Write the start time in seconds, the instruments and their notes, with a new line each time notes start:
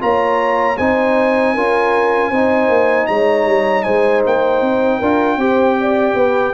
0.00 tuba A#3, trombone F4, horn C#5, trumpet A#5
0.77 tuba C4, trombone D#4, horn C5, trumpet G#5
1.54 tuba C#4, trombone F4, horn A#4
2.30 tuba C4, trombone D#4, horn C5
2.68 tuba A#3
3.07 tuba G#3, horn C#5, trumpet A#5
3.46 tuba G3
3.83 tuba G#3, horn C5, trumpet G#5
4.26 tuba A#3, trumpet G5
4.61 tuba C4
4.98 tuba D4, trombone F4, horn A#4
5.37 tuba C4, trombone G4, horn C5
5.80 horn D5
6.14 tuba B3, horn B4